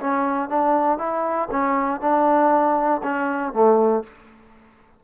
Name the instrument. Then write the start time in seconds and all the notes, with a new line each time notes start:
trombone
0.00 C#4
0.49 D4
0.98 E4
1.51 C#4
2.01 D4
3.03 C#4
3.53 A3